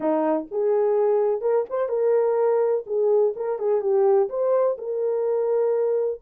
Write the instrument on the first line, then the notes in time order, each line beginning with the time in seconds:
horn
0.00 D#4
0.51 G#4
1.41 A#4
1.69 C5
1.89 A#4
2.86 G#4
3.35 A#4
3.58 G#4
3.81 G4
4.29 C5
4.77 A#4